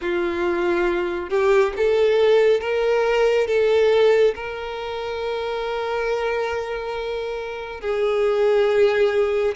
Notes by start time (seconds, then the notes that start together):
0.01 F4
1.29 G4
1.76 A4
2.60 A#4
3.47 A4
4.35 A#4
7.81 G#4